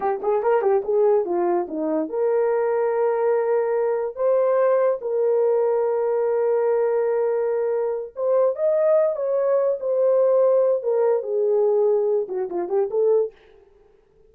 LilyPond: \new Staff \with { instrumentName = "horn" } { \time 4/4 \tempo 4 = 144 g'8 gis'8 ais'8 g'8 gis'4 f'4 | dis'4 ais'2.~ | ais'2 c''2 | ais'1~ |
ais'2.~ ais'8 c''8~ | c''8 dis''4. cis''4. c''8~ | c''2 ais'4 gis'4~ | gis'4. fis'8 f'8 g'8 a'4 | }